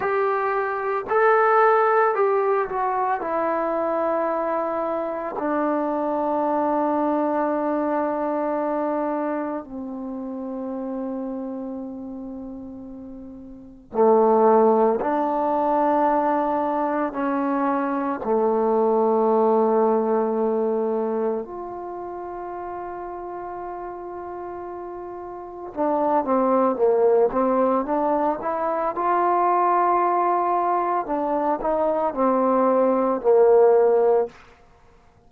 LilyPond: \new Staff \with { instrumentName = "trombone" } { \time 4/4 \tempo 4 = 56 g'4 a'4 g'8 fis'8 e'4~ | e'4 d'2.~ | d'4 c'2.~ | c'4 a4 d'2 |
cis'4 a2. | f'1 | d'8 c'8 ais8 c'8 d'8 e'8 f'4~ | f'4 d'8 dis'8 c'4 ais4 | }